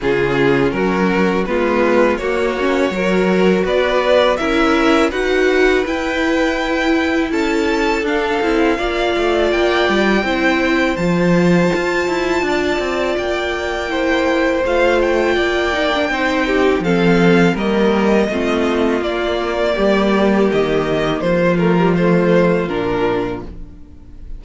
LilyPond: <<
  \new Staff \with { instrumentName = "violin" } { \time 4/4 \tempo 4 = 82 gis'4 ais'4 b'4 cis''4~ | cis''4 d''4 e''4 fis''4 | g''2 a''4 f''4~ | f''4 g''2 a''4~ |
a''2 g''2 | f''8 g''2~ g''8 f''4 | dis''2 d''2 | dis''4 c''8 ais'8 c''4 ais'4 | }
  \new Staff \with { instrumentName = "violin" } { \time 4/4 f'4 fis'4 f'4 fis'4 | ais'4 b'4 ais'4 b'4~ | b'2 a'2 | d''2 c''2~ |
c''4 d''2 c''4~ | c''4 d''4 c''8 g'8 a'4 | ais'4 f'2 g'4~ | g'4 f'2. | }
  \new Staff \with { instrumentName = "viola" } { \time 4/4 cis'2 b4 ais8 cis'8 | fis'2 e'4 fis'4 | e'2. d'8 e'8 | f'2 e'4 f'4~ |
f'2. e'4 | f'4. dis'16 d'16 dis'4 c'4 | ais4 c'4 ais2~ | ais4. a16 g16 a4 d'4 | }
  \new Staff \with { instrumentName = "cello" } { \time 4/4 cis4 fis4 gis4 ais4 | fis4 b4 cis'4 dis'4 | e'2 cis'4 d'8 c'8 | ais8 a8 ais8 g8 c'4 f4 |
f'8 e'8 d'8 c'8 ais2 | a4 ais4 c'4 f4 | g4 a4 ais4 g4 | dis4 f2 ais,4 | }
>>